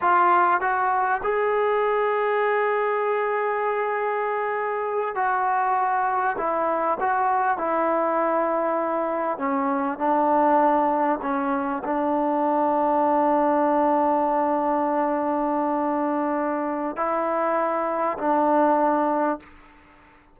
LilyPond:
\new Staff \with { instrumentName = "trombone" } { \time 4/4 \tempo 4 = 99 f'4 fis'4 gis'2~ | gis'1~ | gis'8 fis'2 e'4 fis'8~ | fis'8 e'2. cis'8~ |
cis'8 d'2 cis'4 d'8~ | d'1~ | d'1 | e'2 d'2 | }